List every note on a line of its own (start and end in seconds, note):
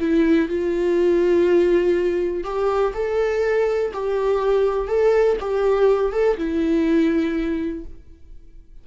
0.00 0.49 E4
0.49 2.44 F4
2.44 2.93 G4
2.94 3.92 A4
3.93 4.88 G4
4.88 5.37 A4
5.41 6.12 G4
6.12 6.37 A4
6.37 7.85 E4